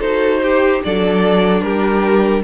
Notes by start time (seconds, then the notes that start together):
0.00 D#4 F#4 A4 C5
0.43 G4
0.84 F#3 D4 A4 D5
1.62 G3 G4 A#4